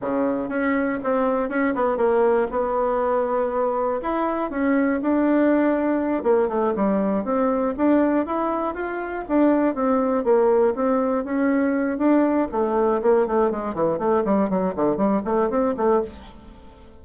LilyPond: \new Staff \with { instrumentName = "bassoon" } { \time 4/4 \tempo 4 = 120 cis4 cis'4 c'4 cis'8 b8 | ais4 b2. | e'4 cis'4 d'2~ | d'8 ais8 a8 g4 c'4 d'8~ |
d'8 e'4 f'4 d'4 c'8~ | c'8 ais4 c'4 cis'4. | d'4 a4 ais8 a8 gis8 e8 | a8 g8 fis8 d8 g8 a8 c'8 a8 | }